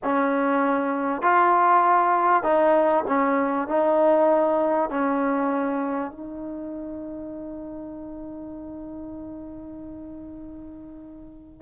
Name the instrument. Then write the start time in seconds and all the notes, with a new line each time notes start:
trombone
0.03 C#4
1.21 F4
2.43 D#4
3.07 C#4
3.68 D#4
4.90 C#4
6.11 D#4